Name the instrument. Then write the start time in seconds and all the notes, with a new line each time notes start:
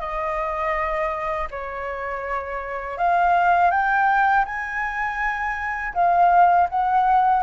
flute
0.00 D#5
1.51 C#5
2.98 F5
3.71 G5
4.45 G#5
5.94 F5
6.69 F#5